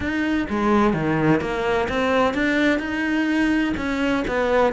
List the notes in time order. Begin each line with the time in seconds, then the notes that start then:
0.00 D#4
0.49 G#3
0.93 D#3
1.40 A#3
1.88 C4
2.33 D4
2.79 D#4
3.77 C#4
4.27 B3